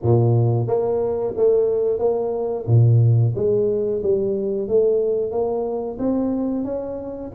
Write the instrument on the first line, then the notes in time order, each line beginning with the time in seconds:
tuba
0.02 A#2
0.67 A#3
1.36 A3
1.98 A#3
2.66 A#2
3.35 G#3
4.02 G3
4.68 A3
5.31 A#3
5.98 C4
6.64 C#4